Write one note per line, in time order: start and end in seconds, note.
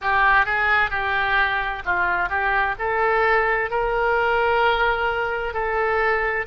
0.01 0.45 G4
0.45 0.90 G#4
0.90 1.83 G4
1.85 2.29 F4
2.29 2.75 G4
2.78 3.70 A4
3.70 5.53 A#4
5.53 6.46 A4